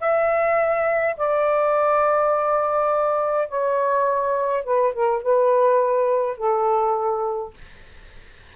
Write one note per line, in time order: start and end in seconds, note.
0.00 1.17 E5
1.17 3.48 D5
3.48 4.64 C#5
4.64 4.93 B4
4.93 5.22 A#4
5.22 6.37 B4
6.37 7.54 A4